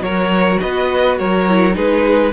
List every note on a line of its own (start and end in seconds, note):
0.00 0.57 F#3
0.00 1.46 F#4
0.00 0.61 A#4
0.00 0.59 C#5
0.60 1.19 B3
0.60 1.19 B4
0.60 1.17 D#5
1.18 1.76 F#3
1.18 1.75 A#4
1.18 1.75 C#5
1.48 1.72 E4
1.72 2.32 G#3
1.72 2.30 D#4
1.72 2.32 G#4
1.72 2.32 B4